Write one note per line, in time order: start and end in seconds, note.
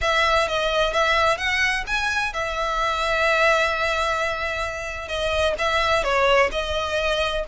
0.01 0.48 E5
0.48 0.93 D#5
0.93 1.37 E5
1.37 1.84 F#5
1.86 2.33 G#5
2.33 5.08 E5
5.08 5.54 D#5
5.58 6.03 E5
6.03 6.49 C#5
6.51 7.44 D#5